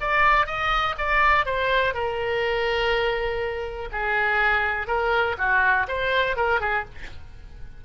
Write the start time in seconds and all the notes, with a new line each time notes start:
0.00 D5
0.46 D#5
0.98 D5
1.45 C5
1.94 A#4
3.92 G#4
4.87 A#4
5.38 F#4
5.88 C5
6.36 A#4
6.60 G#4